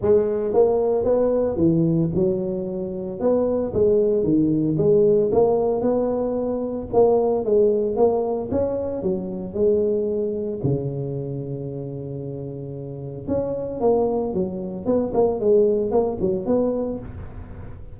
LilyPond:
\new Staff \with { instrumentName = "tuba" } { \time 4/4 \tempo 4 = 113 gis4 ais4 b4 e4 | fis2 b4 gis4 | dis4 gis4 ais4 b4~ | b4 ais4 gis4 ais4 |
cis'4 fis4 gis2 | cis1~ | cis4 cis'4 ais4 fis4 | b8 ais8 gis4 ais8 fis8 b4 | }